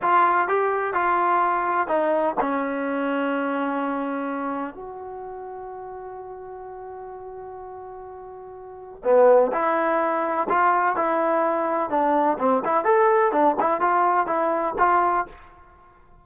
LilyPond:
\new Staff \with { instrumentName = "trombone" } { \time 4/4 \tempo 4 = 126 f'4 g'4 f'2 | dis'4 cis'2.~ | cis'2 fis'2~ | fis'1~ |
fis'2. b4 | e'2 f'4 e'4~ | e'4 d'4 c'8 e'8 a'4 | d'8 e'8 f'4 e'4 f'4 | }